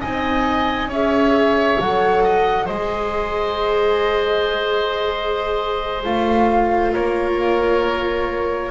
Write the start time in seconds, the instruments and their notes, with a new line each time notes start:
0.00 double bass C4, viola D#4, oboe D#5, flute G#5
0.87 double bass C#4, viola G#4, oboe C#5, flute E5
1.79 double bass F#3, viola A4, flute F#5
2.23 oboe D#5
2.65 double bass G#3, viola G#4, oboe C5, flute D#5
6.04 double bass A3, viola F4, flute F5
6.92 double bass A#3, oboe A#4, flute C#5